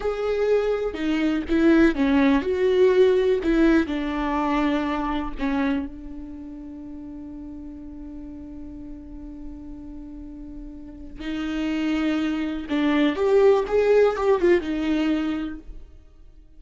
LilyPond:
\new Staff \with { instrumentName = "viola" } { \time 4/4 \tempo 4 = 123 gis'2 dis'4 e'4 | cis'4 fis'2 e'4 | d'2. cis'4 | d'1~ |
d'1~ | d'2. dis'4~ | dis'2 d'4 g'4 | gis'4 g'8 f'8 dis'2 | }